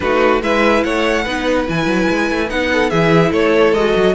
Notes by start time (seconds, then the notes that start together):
0.00 A3 D#4 F#4 B4
0.42 G#3 E4 B4 E5
0.83 A3 C#5 F#5
1.23 B3 D#4 B4
1.66 E3 E4 G#5
1.86 F#3
2.10 G#3
2.30 A3
2.48 B3 D#4 F#5
2.72 A4
2.90 E3 E4 G#4 E5
3.31 A3 A4 C#5
3.72 G#3 F#4 D#5
3.95 F#3